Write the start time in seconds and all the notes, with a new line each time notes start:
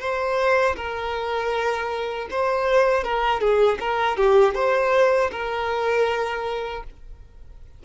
0.00 C5
0.76 A#4
2.31 C5
3.04 A#4
3.40 G#4
3.80 A#4
4.17 G4
4.55 C5
5.32 A#4